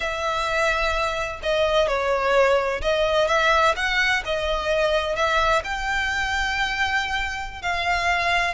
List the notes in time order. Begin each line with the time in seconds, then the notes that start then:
0.00 E5
1.42 D#5
1.87 C#5
2.81 D#5
3.27 E5
3.75 F#5
4.25 D#5
5.15 E5
5.64 G5
7.62 F5